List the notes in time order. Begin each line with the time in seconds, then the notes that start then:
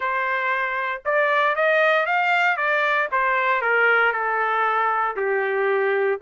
0.00 C5
1.05 D5
1.55 D#5
2.05 F5
2.56 D5
3.11 C5
3.61 A#4
4.12 A4
5.16 G4